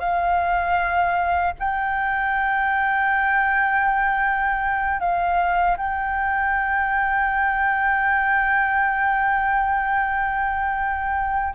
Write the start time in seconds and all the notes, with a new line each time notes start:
0.00 F5
1.60 G5
5.00 F5
5.78 G5